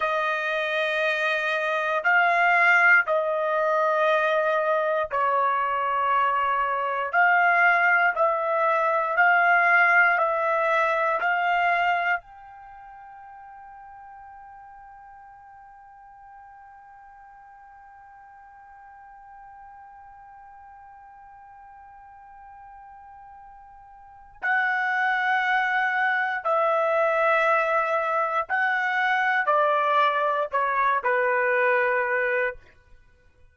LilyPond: \new Staff \with { instrumentName = "trumpet" } { \time 4/4 \tempo 4 = 59 dis''2 f''4 dis''4~ | dis''4 cis''2 f''4 | e''4 f''4 e''4 f''4 | g''1~ |
g''1~ | g''1 | fis''2 e''2 | fis''4 d''4 cis''8 b'4. | }